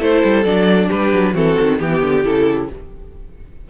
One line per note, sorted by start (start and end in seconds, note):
0.00 0.23 A3
0.00 0.45 E4
0.00 0.88 A4
0.00 0.44 C5
0.24 0.46 G3
0.44 0.90 F#3
0.44 1.34 D4
0.44 0.89 D5
0.88 1.13 G3
0.88 1.33 G4
0.88 1.35 B4
1.13 1.35 F#3
1.34 1.57 E3
1.34 1.79 C4
1.34 1.79 F#4
1.34 1.80 A4
1.61 1.82 D#3
1.79 2.03 E3
1.79 2.24 B3
1.79 2.25 G4
1.79 2.70 G4
2.03 2.25 D3
2.24 2.70 C#3
2.24 2.69 E4
2.24 2.70 A4